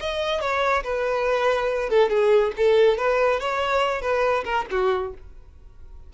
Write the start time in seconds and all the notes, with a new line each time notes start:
0.00 D#5
0.40 C#5
0.83 B4
1.89 A4
2.09 G#4
2.56 A4
2.97 B4
3.40 C#5
4.01 B4
4.44 A#4
4.71 F#4